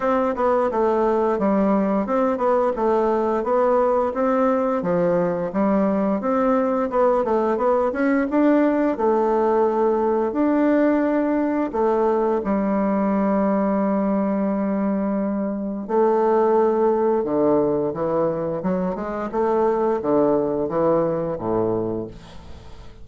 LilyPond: \new Staff \with { instrumentName = "bassoon" } { \time 4/4 \tempo 4 = 87 c'8 b8 a4 g4 c'8 b8 | a4 b4 c'4 f4 | g4 c'4 b8 a8 b8 cis'8 | d'4 a2 d'4~ |
d'4 a4 g2~ | g2. a4~ | a4 d4 e4 fis8 gis8 | a4 d4 e4 a,4 | }